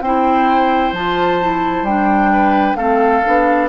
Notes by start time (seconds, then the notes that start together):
0.00 C4 E4 C5 G5
0.92 F3 F4 A5
1.41 E4
1.82 G3 D4 G5
2.32 B4
2.75 A3 C4 A4 F5
3.23 B3 D4